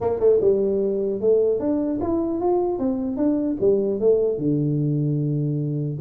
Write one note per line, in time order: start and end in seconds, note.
0.01 0.19 A#3
0.19 0.39 A3
0.41 1.20 G3
1.20 1.59 A3
1.59 1.99 D4
2.01 2.40 E4
2.40 2.79 F4
2.79 3.17 C4
3.17 3.57 D4
3.60 3.99 G3
3.99 4.38 A3
4.38 5.98 D3